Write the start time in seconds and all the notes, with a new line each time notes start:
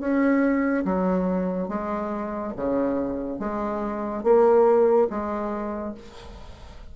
0.00 C#4
0.85 F#3
1.69 G#3
2.57 C#3
3.39 G#3
4.24 A#3
5.10 G#3